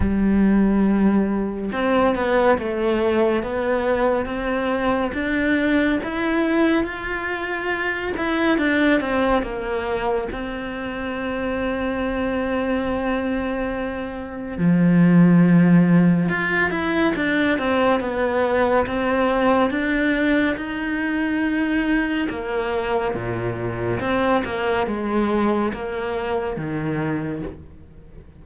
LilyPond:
\new Staff \with { instrumentName = "cello" } { \time 4/4 \tempo 4 = 70 g2 c'8 b8 a4 | b4 c'4 d'4 e'4 | f'4. e'8 d'8 c'8 ais4 | c'1~ |
c'4 f2 f'8 e'8 | d'8 c'8 b4 c'4 d'4 | dis'2 ais4 ais,4 | c'8 ais8 gis4 ais4 dis4 | }